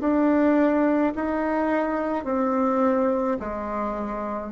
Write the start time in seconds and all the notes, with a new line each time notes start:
0.00 D4
1.15 D#4
2.24 C4
3.40 G#3